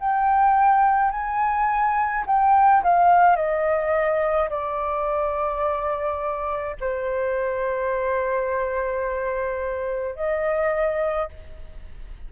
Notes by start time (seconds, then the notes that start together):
0.00 G5
1.11 G#5
2.26 G5
2.83 F5
3.36 D#5
4.50 D5
6.80 C5
10.16 D#5